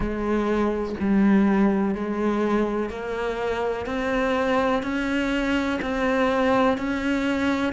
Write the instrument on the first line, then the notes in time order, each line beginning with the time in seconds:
cello
0.00 G#3
1.00 G3
1.94 G#3
2.89 A#3
3.86 C4
4.82 C#4
5.81 C4
6.77 C#4